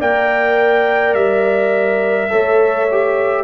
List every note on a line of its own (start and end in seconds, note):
0.00 1.14 A#3
0.00 2.30 A#4
0.00 2.31 D5
0.00 1.14 G5
1.14 2.29 G3
1.14 3.44 E5
2.30 3.44 A3
2.30 2.87 A4
2.30 3.44 C#5
2.92 3.44 G4